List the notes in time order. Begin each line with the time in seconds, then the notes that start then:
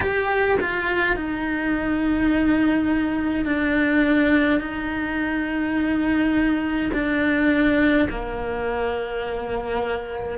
0.00 G4
0.60 F4
1.15 D#4
3.45 D4
4.59 D#4
6.93 D4
8.09 A#3